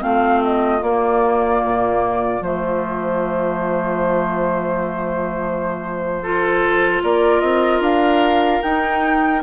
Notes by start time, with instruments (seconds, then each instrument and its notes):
0.00 bassoon A3, clarinet C4, oboe F4, flute F5
0.44 flute D#5
0.82 bassoon A#3, clarinet A#3, flute D5
1.64 bassoon A#2
2.41 bassoon F3, clarinet A3, flute C5
6.22 clarinet F4, oboe A4
7.03 bassoon A#3, oboe A#4, flute D5
7.41 bassoon C4, flute D#5
7.80 bassoon D4, flute F5
8.62 bassoon D#4, clarinet D#4, flute G5